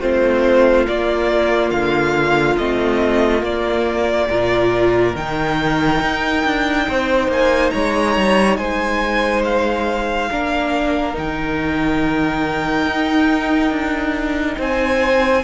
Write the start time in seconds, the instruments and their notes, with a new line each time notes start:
0.00 cello A3, viola C4, violin F4 C5
0.87 viola A#3, cello A#3, violin D5
1.71 cello D3, violin F5
2.58 cello A3, viola C4, violin D#5
3.40 viola A#3, cello A#3, violin D5
4.29 cello A#2, viola F4, violin A#4
5.16 cello D#3, viola D#4, violin G5
6.02 cello D#4
6.46 cello D4
6.89 cello C4, violin C5
7.28 cello A#3, violin G#5
7.71 cello G#3, violin C#5 A#5
8.17 cello G3
8.57 cello G#3, violin C5 G#5
9.45 violin F5
10.31 cello A#3, viola D4, violin A#4
11.14 cello D#3, viola D#4, violin G5
12.87 cello D#4
13.71 cello D4
14.58 cello C4, violin C5 G#5